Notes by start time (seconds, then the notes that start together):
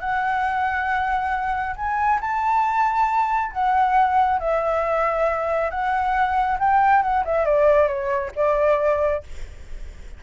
0.00 F#5
1.76 G#5
2.21 A5
3.52 F#5
4.39 E5
5.70 F#5
6.59 G5
7.02 F#5
7.25 E5
7.45 D5
7.87 C#5
8.35 D5